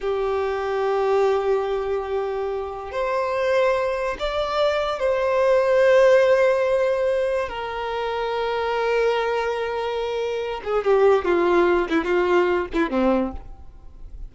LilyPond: \new Staff \with { instrumentName = "violin" } { \time 4/4 \tempo 4 = 144 g'1~ | g'2. c''4~ | c''2 d''2 | c''1~ |
c''2 ais'2~ | ais'1~ | ais'4. gis'8 g'4 f'4~ | f'8 e'8 f'4. e'8 c'4 | }